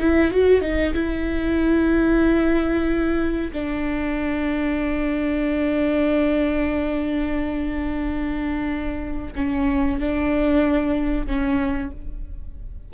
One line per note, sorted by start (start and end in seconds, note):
0.00 0.31 E4
0.31 0.61 F#4
0.61 0.93 D#4
0.94 3.52 E4
3.52 9.33 D4
9.35 10.00 C#4
10.00 11.26 D4
11.26 11.91 C#4